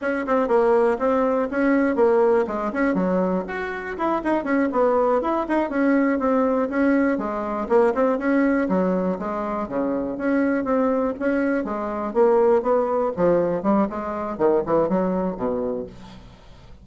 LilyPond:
\new Staff \with { instrumentName = "bassoon" } { \time 4/4 \tempo 4 = 121 cis'8 c'8 ais4 c'4 cis'4 | ais4 gis8 cis'8 fis4 fis'4 | e'8 dis'8 cis'8 b4 e'8 dis'8 cis'8~ | cis'8 c'4 cis'4 gis4 ais8 |
c'8 cis'4 fis4 gis4 cis8~ | cis8 cis'4 c'4 cis'4 gis8~ | gis8 ais4 b4 f4 g8 | gis4 dis8 e8 fis4 b,4 | }